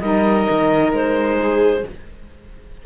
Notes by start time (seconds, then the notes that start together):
0.00 G3 D#4 A#4 D#5
0.50 D#3
0.93 G#3 C5
1.41 G#4